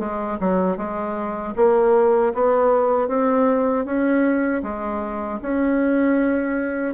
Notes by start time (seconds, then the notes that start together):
0.00 G#3
0.41 F#3
0.78 G#3
1.57 A#3
2.35 B3
3.09 C4
3.86 C#4
4.63 G#3
5.42 C#4